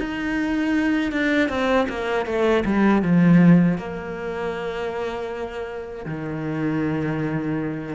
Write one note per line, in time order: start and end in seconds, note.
0.00 1.12 D#4
1.12 1.49 D4
1.49 1.87 C4
1.90 2.26 A#3
2.26 2.64 A3
2.65 3.03 G3
3.03 3.78 F3
3.78 6.06 A#3
6.06 7.95 D#3